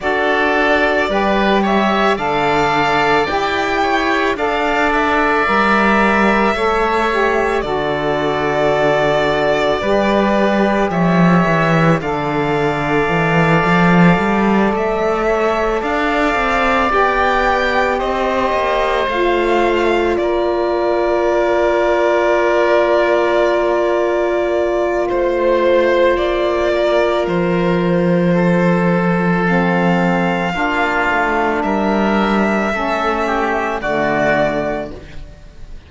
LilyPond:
<<
  \new Staff \with { instrumentName = "violin" } { \time 4/4 \tempo 4 = 55 d''4. e''8 f''4 g''4 | f''8 e''2~ e''8 d''4~ | d''2 e''4 f''4~ | f''4. e''4 f''4 g''8~ |
g''8 dis''4 f''4 d''4.~ | d''2. c''4 | d''4 c''2 f''4~ | f''4 e''2 d''4 | }
  \new Staff \with { instrumentName = "oboe" } { \time 4/4 a'4 b'8 cis''8 d''4. cis''8 | d''2 cis''4 a'4~ | a'4 b'4 cis''4 d''4~ | d''2 cis''8 d''4.~ |
d''8 c''2 ais'4.~ | ais'2. c''4~ | c''8 ais'4. a'2 | f'4 ais'4 a'8 g'8 fis'4 | }
  \new Staff \with { instrumentName = "saxophone" } { \time 4/4 fis'4 g'4 a'4 g'4 | a'4 ais'4 a'8 g'8 fis'4~ | fis'4 g'2 a'4~ | a'2.~ a'8 g'8~ |
g'4. f'2~ f'8~ | f'1~ | f'2. c'4 | d'2 cis'4 a4 | }
  \new Staff \with { instrumentName = "cello" } { \time 4/4 d'4 g4 d4 e'4 | d'4 g4 a4 d4~ | d4 g4 f8 e8 d4 | e8 f8 g8 a4 d'8 c'8 b8~ |
b8 c'8 ais8 a4 ais4.~ | ais2. a4 | ais4 f2. | ais8 a8 g4 a4 d4 | }
>>